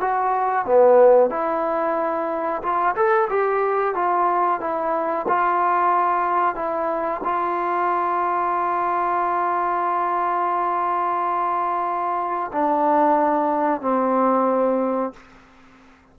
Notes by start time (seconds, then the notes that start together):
0.00 F#4
0.65 B3
1.30 E4
2.62 F4
2.95 A4
3.29 G4
3.94 F4
4.60 E4
5.28 F4
6.55 E4
7.23 F4
12.52 D4
13.81 C4